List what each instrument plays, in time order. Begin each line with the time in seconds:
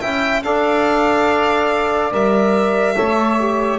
0.00 double bass C#4, trombone E4, saxophone E5, violin G5
0.42 double bass D4, trombone A4, saxophone D5, violin F5
2.11 double bass G3, trombone A#4, violin E5
2.95 double bass A3, trombone A4, saxophone C#5
3.39 trombone G4